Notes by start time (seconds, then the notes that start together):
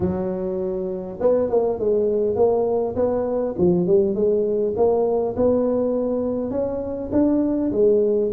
0.00 F#3
1.20 B3
1.50 A#3
1.79 G#3
2.35 A#3
2.95 B3
3.58 F3
3.86 G3
4.14 G#3
4.76 A#3
5.36 B3
6.50 C#4
7.12 D4
7.72 G#3